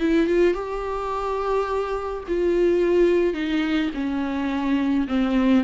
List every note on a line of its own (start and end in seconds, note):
0.00 0.27 E4
0.27 0.54 F4
0.54 2.24 G4
2.28 3.34 F4
3.34 3.91 D#4
3.94 5.08 C#4
5.08 5.64 C4